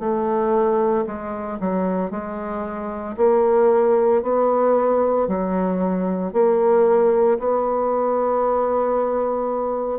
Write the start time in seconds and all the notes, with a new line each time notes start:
0.00 A3
1.07 G#3
1.60 F#3
2.11 G#3
3.17 A#3
4.22 B3
5.28 F#3
6.33 A#3
7.39 B3